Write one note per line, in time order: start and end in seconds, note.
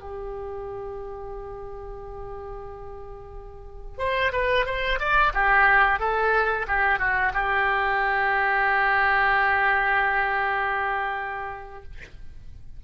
0.00 3.98 G4
3.98 4.31 C5
4.32 4.65 B4
4.65 4.99 C5
4.99 5.32 D5
5.33 5.99 G4
5.99 6.66 A4
6.67 6.99 G4
6.99 7.32 F#4
7.33 11.83 G4